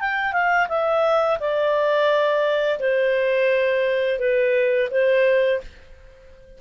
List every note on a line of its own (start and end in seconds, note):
0.00 0.32 G5
0.32 0.67 F5
0.68 1.38 E5
1.39 2.79 D5
2.79 4.19 C5
4.19 4.88 B4
4.90 5.60 C5